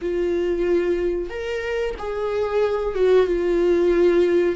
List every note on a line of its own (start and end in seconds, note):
0.01 1.29 F4
1.29 1.94 A#4
1.98 2.94 G#4
2.94 3.26 F#4
3.26 4.55 F4